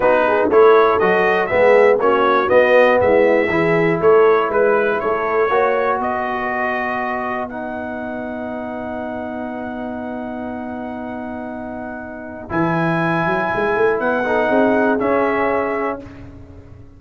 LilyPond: <<
  \new Staff \with { instrumentName = "trumpet" } { \time 4/4 \tempo 4 = 120 b'4 cis''4 dis''4 e''4 | cis''4 dis''4 e''2 | cis''4 b'4 cis''2 | dis''2. fis''4~ |
fis''1~ | fis''1~ | fis''4 gis''2. | fis''2 e''2 | }
  \new Staff \with { instrumentName = "horn" } { \time 4/4 fis'8 gis'8 a'2 gis'4 | fis'2 e'4 gis'4 | a'4 b'4 a'4 cis''4 | b'1~ |
b'1~ | b'1~ | b'1~ | b'8 a'8 gis'2. | }
  \new Staff \with { instrumentName = "trombone" } { \time 4/4 dis'4 e'4 fis'4 b4 | cis'4 b2 e'4~ | e'2. fis'4~ | fis'2. dis'4~ |
dis'1~ | dis'1~ | dis'4 e'2.~ | e'8 dis'4. cis'2 | }
  \new Staff \with { instrumentName = "tuba" } { \time 4/4 b4 a4 fis4 gis4 | ais4 b4 gis4 e4 | a4 gis4 a4 ais4 | b1~ |
b1~ | b1~ | b4 e4. fis8 gis8 a8 | b4 c'4 cis'2 | }
>>